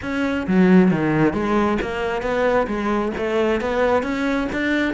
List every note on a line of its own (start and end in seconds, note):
0.02 0.46 C#4
0.47 0.91 F#3
0.91 1.33 D#3
1.33 1.77 G#3
1.81 2.22 A#3
2.22 2.66 B3
2.67 3.12 G#3
3.17 3.60 A3
3.60 4.02 B3
4.02 4.47 C#4
4.52 4.93 D4